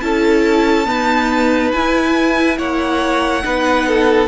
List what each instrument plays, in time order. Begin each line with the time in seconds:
0.00 cello C#4, viola E4, violin A4 A5
0.85 viola B3, cello D#4, violin B4
1.71 cello E4, viola E4, violin G#5
2.58 cello A#3, violin C#5 F#5
3.42 cello B3, viola D#4, violin B4
3.87 violin A4